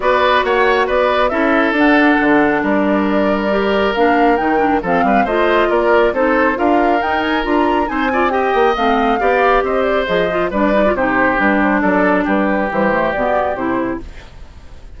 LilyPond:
<<
  \new Staff \with { instrumentName = "flute" } { \time 4/4 \tempo 4 = 137 d''4 fis''4 d''4 e''4 | fis''2 d''2~ | d''4 f''4 g''4 f''4 | dis''4 d''4 c''4 f''4 |
g''8 gis''8 ais''4 gis''4 g''4 | f''2 dis''8 d''8 dis''4 | d''4 c''4 b'8 c''8 d''4 | b'4 c''4 d''4 c''4 | }
  \new Staff \with { instrumentName = "oboe" } { \time 4/4 b'4 cis''4 b'4 a'4~ | a'2 ais'2~ | ais'2. a'8 b'8 | c''4 ais'4 a'4 ais'4~ |
ais'2 c''8 d''8 dis''4~ | dis''4 d''4 c''2 | b'4 g'2 a'4 | g'1 | }
  \new Staff \with { instrumentName = "clarinet" } { \time 4/4 fis'2. e'4 | d'1 | g'4 d'4 dis'8 d'8 c'4 | f'2 dis'4 f'4 |
dis'4 f'4 dis'8 f'8 g'4 | c'4 g'2 gis'8 f'8 | d'8 dis'16 f'16 dis'4 d'2~ | d'4 g8 a8 b4 e'4 | }
  \new Staff \with { instrumentName = "bassoon" } { \time 4/4 b4 ais4 b4 cis'4 | d'4 d4 g2~ | g4 ais4 dis4 f8 g8 | a4 ais4 c'4 d'4 |
dis'4 d'4 c'4. ais8 | a4 b4 c'4 f4 | g4 c4 g4 fis4 | g4 e4 b,4 c4 | }
>>